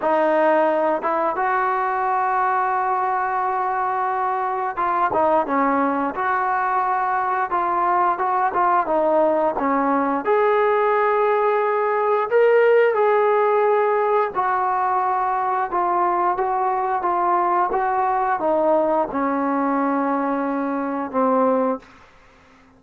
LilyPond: \new Staff \with { instrumentName = "trombone" } { \time 4/4 \tempo 4 = 88 dis'4. e'8 fis'2~ | fis'2. f'8 dis'8 | cis'4 fis'2 f'4 | fis'8 f'8 dis'4 cis'4 gis'4~ |
gis'2 ais'4 gis'4~ | gis'4 fis'2 f'4 | fis'4 f'4 fis'4 dis'4 | cis'2. c'4 | }